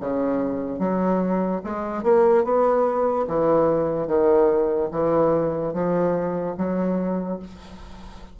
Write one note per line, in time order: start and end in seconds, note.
0.00 0.79 C#3
0.79 1.61 F#3
1.63 2.02 G#3
2.02 2.44 A#3
2.44 3.26 B3
3.27 4.07 E3
4.07 4.89 D#3
4.91 5.73 E3
5.73 6.55 F3
6.57 7.39 F#3